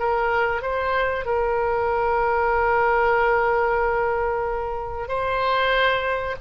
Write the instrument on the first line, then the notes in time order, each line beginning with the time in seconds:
oboe
0.00 A#4
0.62 C5
1.26 A#4
5.09 C5